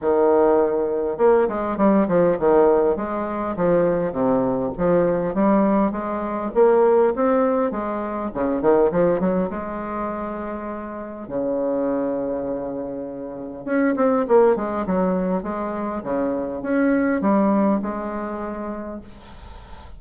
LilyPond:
\new Staff \with { instrumentName = "bassoon" } { \time 4/4 \tempo 4 = 101 dis2 ais8 gis8 g8 f8 | dis4 gis4 f4 c4 | f4 g4 gis4 ais4 | c'4 gis4 cis8 dis8 f8 fis8 |
gis2. cis4~ | cis2. cis'8 c'8 | ais8 gis8 fis4 gis4 cis4 | cis'4 g4 gis2 | }